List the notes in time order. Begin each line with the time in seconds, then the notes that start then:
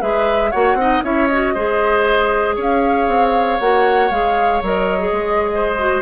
0.00 G#3 G#4 B4 E5
0.51 A#3 F#4 C#5 F#5
0.74 C4 D#4 D#5
1.03 C#4 E4 C#5 E5
1.27 F#4 D#5
1.54 G#3 G#4 C5
2.55 C#4 C#5 F5
3.07 C4
3.60 A#3 F#4 F#5
4.10 G#3 G#4 F5
4.62 F#3 A#4 D#5
4.98 G#4
5.12 G#3
5.54 C5
5.78 F#4